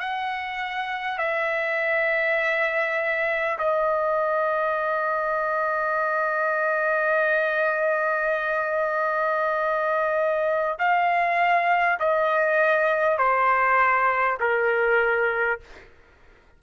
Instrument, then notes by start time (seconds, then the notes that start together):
trumpet
0.00 F#5
1.18 E5
3.58 D#5
10.79 F5
11.99 D#5
13.18 C5
14.41 A#4